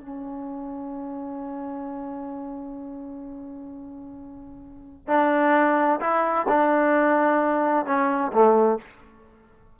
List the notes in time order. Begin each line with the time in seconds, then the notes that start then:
0.00 C#4
5.07 D4
6.00 E4
6.48 D4
7.86 C#4
8.32 A3